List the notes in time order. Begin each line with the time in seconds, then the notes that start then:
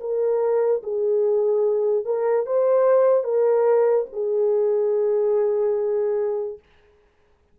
0.00 A#4
0.83 G#4
2.05 A#4
2.46 C5
3.24 A#4
4.12 G#4